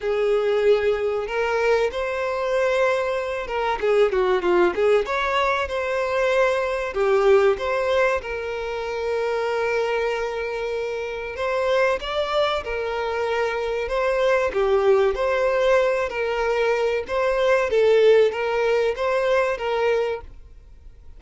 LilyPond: \new Staff \with { instrumentName = "violin" } { \time 4/4 \tempo 4 = 95 gis'2 ais'4 c''4~ | c''4. ais'8 gis'8 fis'8 f'8 gis'8 | cis''4 c''2 g'4 | c''4 ais'2.~ |
ais'2 c''4 d''4 | ais'2 c''4 g'4 | c''4. ais'4. c''4 | a'4 ais'4 c''4 ais'4 | }